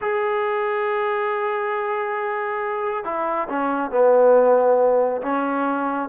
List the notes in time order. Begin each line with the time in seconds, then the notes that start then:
0.01 G#4
3.04 E4
3.49 C#4
3.91 B3
5.22 C#4